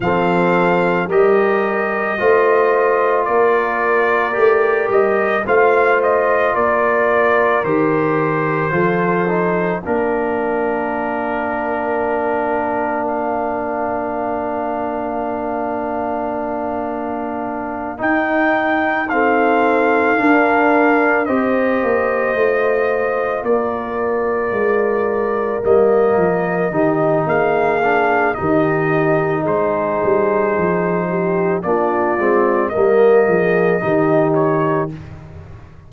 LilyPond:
<<
  \new Staff \with { instrumentName = "trumpet" } { \time 4/4 \tempo 4 = 55 f''4 dis''2 d''4~ | d''8 dis''8 f''8 dis''8 d''4 c''4~ | c''4 ais'2. | f''1~ |
f''8 g''4 f''2 dis''8~ | dis''4. d''2 dis''8~ | dis''4 f''4 dis''4 c''4~ | c''4 d''4 dis''4. cis''8 | }
  \new Staff \with { instrumentName = "horn" } { \time 4/4 a'4 ais'4 c''4 ais'4~ | ais'4 c''4 ais'2 | a'4 ais'2.~ | ais'1~ |
ais'4. a'4 ais'4 c''8~ | c''4. ais'2~ ais'8~ | ais'8 g'8 gis'4 g'4 gis'4~ | gis'8 g'8 f'4 ais'8 gis'8 g'4 | }
  \new Staff \with { instrumentName = "trombone" } { \time 4/4 c'4 g'4 f'2 | g'4 f'2 g'4 | f'8 dis'8 d'2.~ | d'1~ |
d'8 dis'4 c'4 d'4 g'8~ | g'8 f'2. ais8~ | ais8 dis'4 d'8 dis'2~ | dis'4 d'8 c'8 ais4 dis'4 | }
  \new Staff \with { instrumentName = "tuba" } { \time 4/4 f4 g4 a4 ais4 | a8 g8 a4 ais4 dis4 | f4 ais2.~ | ais1~ |
ais8 dis'2 d'4 c'8 | ais8 a4 ais4 gis4 g8 | f8 dis8 ais4 dis4 gis8 g8 | f4 ais8 gis8 g8 f8 dis4 | }
>>